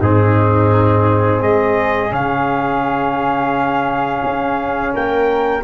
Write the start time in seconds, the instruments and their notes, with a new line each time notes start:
0.00 tuba G#2, trombone C4, flute D#4, trumpet G#4
1.39 tuba G#3, flute G#4, trumpet D#5
2.09 tuba C#3, trombone C#4, trumpet F5
4.24 tuba C#4
4.93 tuba A#3, flute A#4, trumpet G5